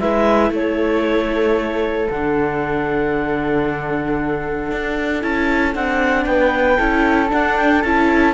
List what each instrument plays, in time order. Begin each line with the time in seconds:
0.00 cello G#3, viola E4, flute B4, clarinet E5
0.51 cello A3, flute A4, clarinet C#5
2.09 cello D3, viola D4, clarinet F#5
4.72 cello D4
5.22 cello C#4, viola E4, clarinet A5
5.73 cello C4, viola D4, clarinet F#5
6.25 cello B3, flute B4, clarinet G5
6.77 cello C#4, viola E4, flute A4
7.29 viola D4, cello D4, clarinet F#5
7.57 clarinet G5
7.82 cello C#4, viola E4, clarinet A5